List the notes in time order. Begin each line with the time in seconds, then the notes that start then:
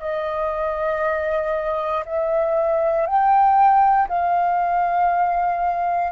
0.00 D#5
2.05 E5
3.06 G5
4.08 F5